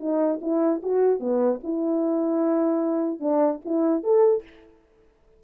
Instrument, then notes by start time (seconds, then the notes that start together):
horn
0.00 D#4
0.42 E4
0.83 F#4
1.20 B3
1.64 E4
3.20 D4
3.65 E4
4.04 A4